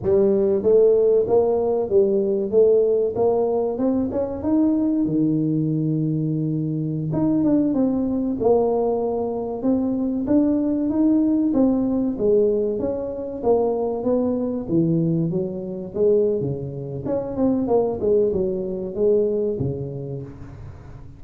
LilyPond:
\new Staff \with { instrumentName = "tuba" } { \time 4/4 \tempo 4 = 95 g4 a4 ais4 g4 | a4 ais4 c'8 cis'8 dis'4 | dis2.~ dis16 dis'8 d'16~ | d'16 c'4 ais2 c'8.~ |
c'16 d'4 dis'4 c'4 gis8.~ | gis16 cis'4 ais4 b4 e8.~ | e16 fis4 gis8. cis4 cis'8 c'8 | ais8 gis8 fis4 gis4 cis4 | }